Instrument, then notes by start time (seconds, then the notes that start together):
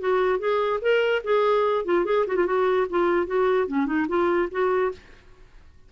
clarinet
0.00 F#4
0.39 G#4
0.82 A#4
1.24 G#4
1.85 F4
2.05 G#4
2.27 F#4
2.36 F4
2.46 F#4
2.90 F4
3.27 F#4
3.68 C#4
3.86 D#4
4.08 F4
4.51 F#4